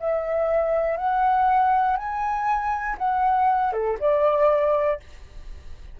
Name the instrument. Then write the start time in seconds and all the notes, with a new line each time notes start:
flute
0.00 E5
0.97 F#5
1.96 G#5
2.98 F#5
3.72 A4
4.00 D5